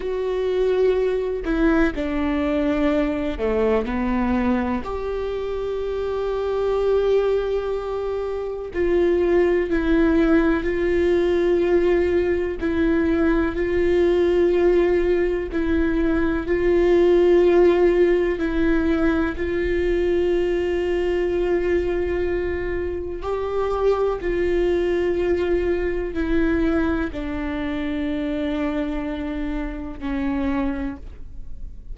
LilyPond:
\new Staff \with { instrumentName = "viola" } { \time 4/4 \tempo 4 = 62 fis'4. e'8 d'4. a8 | b4 g'2.~ | g'4 f'4 e'4 f'4~ | f'4 e'4 f'2 |
e'4 f'2 e'4 | f'1 | g'4 f'2 e'4 | d'2. cis'4 | }